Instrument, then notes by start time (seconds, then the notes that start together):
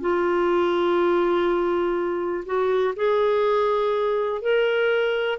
clarinet
0.00 F4
2.45 F#4
2.95 G#4
4.41 A#4